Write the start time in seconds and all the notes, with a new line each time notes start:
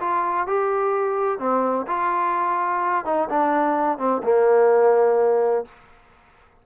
0.00 F4
0.47 G4
1.39 C4
1.87 F4
3.05 D#4
3.30 D4
3.99 C4
4.23 A#3